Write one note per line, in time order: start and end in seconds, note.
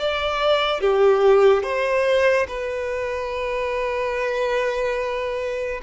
0.00 0.81 D5
0.81 1.64 G4
1.64 2.47 C5
2.48 5.82 B4